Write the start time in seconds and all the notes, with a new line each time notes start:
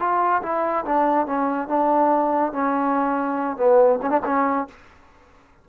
0.00 F4
0.43 E4
0.85 D4
1.27 C#4
1.68 D4
2.53 C#4
3.57 B3
4.02 C#4
4.11 D4
4.26 C#4